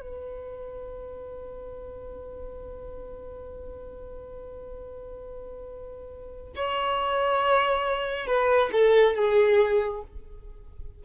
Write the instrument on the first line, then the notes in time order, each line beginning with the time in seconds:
violin
0.00 B4
6.55 C#5
8.26 B4
8.72 A4
9.15 G#4